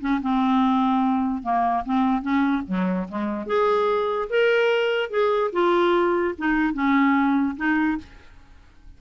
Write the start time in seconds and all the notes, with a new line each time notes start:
0.00 C#4
0.21 C4
1.43 A#3
1.85 C4
2.22 C#4
2.67 F#3
3.08 G#3
3.46 G#4
4.29 A#4
5.09 G#4
5.52 F4
6.38 D#4
6.73 C#4
7.57 D#4